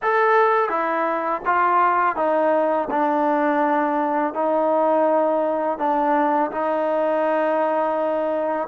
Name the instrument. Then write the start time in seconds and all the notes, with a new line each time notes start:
trombone
0.02 A4
0.69 E4
1.45 F4
2.16 D#4
2.90 D4
4.34 D#4
5.78 D4
6.51 D#4